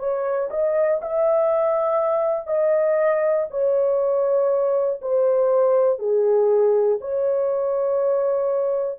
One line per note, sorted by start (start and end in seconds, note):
0.00 0.50 C#5
0.51 1.01 D#5
1.02 2.47 E5
2.47 3.47 D#5
3.51 5.01 C#5
5.02 6.00 C5
6.00 7.00 G#4
7.01 9.00 C#5